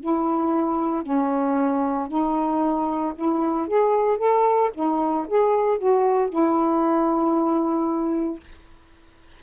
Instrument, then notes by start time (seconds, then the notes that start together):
saxophone
0.00 E4
1.02 C#4
2.08 D#4
3.15 E4
3.67 G#4
4.17 A4
4.74 D#4
5.27 G#4
5.78 F#4
6.30 E4